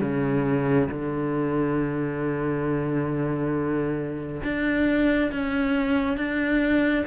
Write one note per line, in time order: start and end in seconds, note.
0.00 0.88 C#3
0.89 4.42 D3
4.43 5.31 D4
5.31 6.16 C#4
6.16 7.05 D4